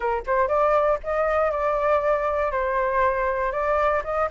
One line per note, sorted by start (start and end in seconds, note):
0.00 0.23 A#4
0.26 0.48 C5
0.48 0.98 D5
1.03 1.51 D#5
1.51 2.51 D5
2.51 3.52 C5
3.52 4.02 D5
4.04 4.29 D#5